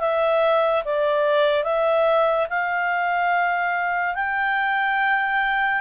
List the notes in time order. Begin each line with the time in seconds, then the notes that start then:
0.00 E5
0.85 D5
1.64 E5
2.50 F5
4.15 G5